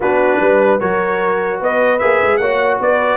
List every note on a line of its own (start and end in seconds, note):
0.00 0.39 B3
0.00 0.80 D4
0.00 0.41 F#4
0.00 0.80 B4
0.40 0.80 G3
0.40 0.80 B4
0.80 1.61 F#3
0.80 2.00 F#4
0.80 1.60 A#4
0.80 1.60 C#5
1.60 2.01 B3
1.60 2.40 B4
1.60 1.99 D#5
1.99 2.22 A#3
1.99 2.40 G#4
1.99 2.37 E5
2.22 2.39 G#3
2.37 2.79 A#3
2.37 3.16 F#4
2.37 2.80 C#5
2.37 2.77 F#5
2.80 3.16 B3
2.80 3.16 B4
2.80 3.16 D5